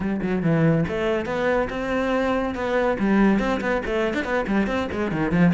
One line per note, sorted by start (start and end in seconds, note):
0.00 0.20 G3
0.22 0.42 F#3
0.42 0.85 E3
0.87 1.25 A3
1.25 1.68 B3
1.69 2.54 C4
2.54 2.97 B3
2.99 3.39 G3
3.39 3.60 C4
3.60 3.82 B3
3.85 4.13 A3
4.13 4.24 D4
4.24 4.45 B3
4.47 4.66 G3
4.66 4.88 C4
4.91 5.11 G#3
5.11 5.31 D#3
5.31 5.52 F3